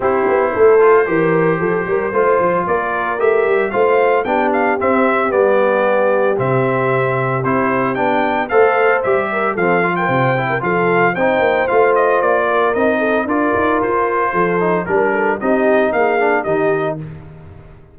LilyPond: <<
  \new Staff \with { instrumentName = "trumpet" } { \time 4/4 \tempo 4 = 113 c''1~ | c''4 d''4 e''4 f''4 | g''8 f''8 e''4 d''2 | e''2 c''4 g''4 |
f''4 e''4 f''8. g''4~ g''16 | f''4 g''4 f''8 dis''8 d''4 | dis''4 d''4 c''2 | ais'4 dis''4 f''4 dis''4 | }
  \new Staff \with { instrumentName = "horn" } { \time 4/4 g'4 a'4 ais'4 a'8 ais'8 | c''4 ais'2 c''4 | g'1~ | g'1 |
c''4. ais'8 a'8. ais'16 c''8. ais'16 | a'4 c''2~ c''8 ais'8~ | ais'8 a'8 ais'2 a'4 | ais'8 a'8 g'4 gis'4 g'4 | }
  \new Staff \with { instrumentName = "trombone" } { \time 4/4 e'4. f'8 g'2 | f'2 g'4 f'4 | d'4 c'4 b2 | c'2 e'4 d'4 |
a'4 g'4 c'8 f'4 e'8 | f'4 dis'4 f'2 | dis'4 f'2~ f'8 dis'8 | d'4 dis'4. d'8 dis'4 | }
  \new Staff \with { instrumentName = "tuba" } { \time 4/4 c'8 b8 a4 e4 f8 g8 | a8 f8 ais4 a8 g8 a4 | b4 c'4 g2 | c2 c'4 b4 |
a4 g4 f4 c4 | f4 c'8 ais8 a4 ais4 | c'4 d'8 dis'8 f'4 f4 | g4 c'4 ais4 dis4 | }
>>